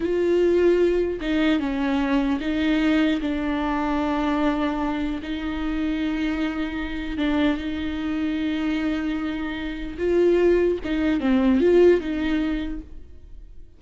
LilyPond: \new Staff \with { instrumentName = "viola" } { \time 4/4 \tempo 4 = 150 f'2. dis'4 | cis'2 dis'2 | d'1~ | d'4 dis'2.~ |
dis'2 d'4 dis'4~ | dis'1~ | dis'4 f'2 dis'4 | c'4 f'4 dis'2 | }